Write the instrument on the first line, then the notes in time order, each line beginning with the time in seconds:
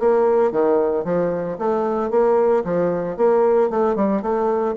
bassoon
0.00 A#3
0.52 D#3
1.05 F3
1.59 A3
2.11 A#3
2.65 F3
3.17 A#3
3.70 A3
3.96 G3
4.22 A3